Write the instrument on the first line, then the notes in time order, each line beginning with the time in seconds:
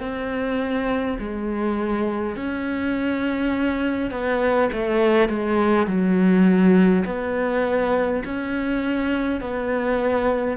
cello
0.00 C4
1.19 G#3
2.36 C#4
4.11 B3
4.72 A3
5.29 G#3
5.87 F#3
7.05 B3
8.25 C#4
9.41 B3